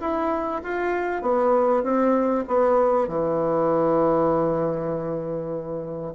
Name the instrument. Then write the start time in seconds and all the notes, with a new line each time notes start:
bassoon
0.00 E4
0.63 F4
1.22 B3
1.83 C4
2.47 B3
3.08 E3